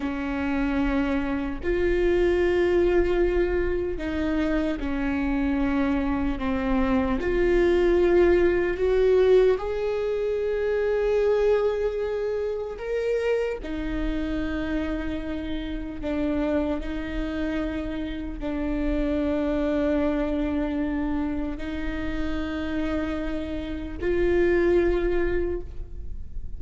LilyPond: \new Staff \with { instrumentName = "viola" } { \time 4/4 \tempo 4 = 75 cis'2 f'2~ | f'4 dis'4 cis'2 | c'4 f'2 fis'4 | gis'1 |
ais'4 dis'2. | d'4 dis'2 d'4~ | d'2. dis'4~ | dis'2 f'2 | }